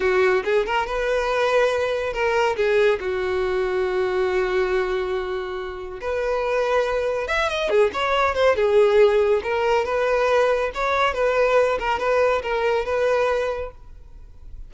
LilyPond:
\new Staff \with { instrumentName = "violin" } { \time 4/4 \tempo 4 = 140 fis'4 gis'8 ais'8 b'2~ | b'4 ais'4 gis'4 fis'4~ | fis'1~ | fis'2 b'2~ |
b'4 e''8 dis''8 gis'8 cis''4 c''8 | gis'2 ais'4 b'4~ | b'4 cis''4 b'4. ais'8 | b'4 ais'4 b'2 | }